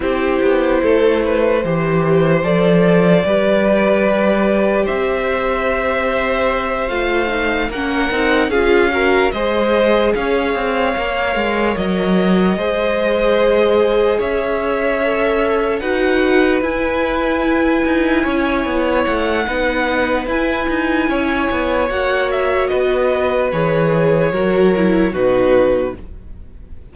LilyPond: <<
  \new Staff \with { instrumentName = "violin" } { \time 4/4 \tempo 4 = 74 c''2. d''4~ | d''2 e''2~ | e''8 f''4 fis''4 f''4 dis''8~ | dis''8 f''2 dis''4.~ |
dis''4. e''2 fis''8~ | fis''8 gis''2. fis''8~ | fis''4 gis''2 fis''8 e''8 | dis''4 cis''2 b'4 | }
  \new Staff \with { instrumentName = "violin" } { \time 4/4 g'4 a'8 b'8 c''2 | b'2 c''2~ | c''4. ais'4 gis'8 ais'8 c''8~ | c''8 cis''2. c''8~ |
c''4. cis''2 b'8~ | b'2~ b'8 cis''4. | b'2 cis''2 | b'2 ais'4 fis'4 | }
  \new Staff \with { instrumentName = "viola" } { \time 4/4 e'2 g'4 a'4 | g'1~ | g'8 f'8 dis'8 cis'8 dis'8 f'8 fis'8 gis'8~ | gis'4. ais'2 gis'8~ |
gis'2~ gis'8 a'4 fis'8~ | fis'8 e'2.~ e'8 | dis'4 e'2 fis'4~ | fis'4 gis'4 fis'8 e'8 dis'4 | }
  \new Staff \with { instrumentName = "cello" } { \time 4/4 c'8 b8 a4 e4 f4 | g2 c'2~ | c'8 a4 ais8 c'8 cis'4 gis8~ | gis8 cis'8 c'8 ais8 gis8 fis4 gis8~ |
gis4. cis'2 dis'8~ | dis'8 e'4. dis'8 cis'8 b8 a8 | b4 e'8 dis'8 cis'8 b8 ais4 | b4 e4 fis4 b,4 | }
>>